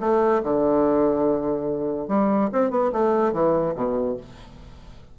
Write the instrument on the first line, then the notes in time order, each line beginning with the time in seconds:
bassoon
0.00 A3
0.43 D3
2.08 G3
2.52 C4
2.70 B3
2.92 A3
3.33 E3
3.75 B2